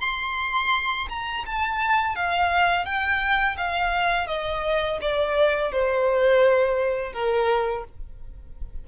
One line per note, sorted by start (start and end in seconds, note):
0.00 1.07 C6
1.09 1.44 A#5
1.45 2.15 A5
2.15 2.85 F5
2.85 3.56 G5
3.57 4.27 F5
4.27 4.98 D#5
5.01 5.71 D5
5.71 7.12 C5
7.12 7.84 A#4